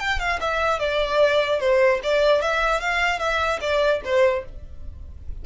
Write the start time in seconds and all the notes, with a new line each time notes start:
0.00 G5
0.20 F5
0.41 E5
0.80 D5
1.61 C5
2.04 D5
2.42 E5
2.81 F5
3.20 E5
3.61 D5
4.05 C5